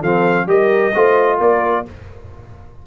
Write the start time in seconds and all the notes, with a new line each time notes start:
0.00 F3 C4 A4 F5
0.46 G3 G4 A#4 D#5
0.95 A3 F4 C5
1.37 A#3 A#4 D5